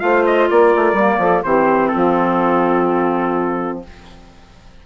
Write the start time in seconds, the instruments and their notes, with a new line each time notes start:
0.00 bassoon A3, clarinet F4, saxophone C5, trumpet F5
0.26 trumpet D#5
0.50 bassoon A#3, saxophone A#4, trumpet D5
0.76 bassoon A3
0.93 bassoon G3, clarinet A#3
1.19 bassoon F3, saxophone A4
1.43 bassoon E3, clarinet C4, saxophone G4, trumpet C5
1.89 saxophone F4, trumpet A4
1.95 bassoon F3